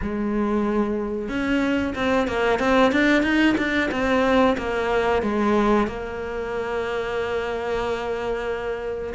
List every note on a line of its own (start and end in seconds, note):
0.02 1.29 G#3
1.29 1.94 C#4
1.95 2.27 C4
2.27 2.59 A#3
2.59 2.91 C4
2.91 3.23 D4
3.23 3.55 D#4
3.57 3.90 D4
3.91 4.56 C4
4.57 5.22 A#3
5.22 5.87 G#3
5.87 9.13 A#3